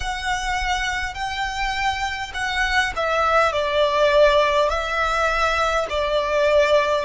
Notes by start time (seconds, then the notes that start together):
0.00 F#5
1.14 G5
2.34 F#5
2.96 E5
3.52 D5
4.68 E5
5.89 D5